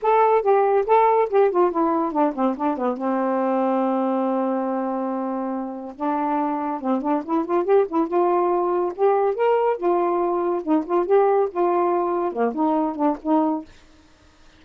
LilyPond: \new Staff \with { instrumentName = "saxophone" } { \time 4/4 \tempo 4 = 141 a'4 g'4 a'4 g'8 f'8 | e'4 d'8 c'8 d'8 b8 c'4~ | c'1~ | c'2 d'2 |
c'8 d'8 e'8 f'8 g'8 e'8 f'4~ | f'4 g'4 ais'4 f'4~ | f'4 dis'8 f'8 g'4 f'4~ | f'4 ais8 dis'4 d'8 dis'4 | }